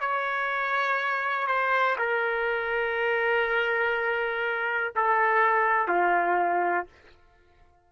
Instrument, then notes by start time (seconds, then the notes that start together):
trumpet
0.00 C#5
1.47 C5
1.98 A#4
4.95 A4
5.87 F4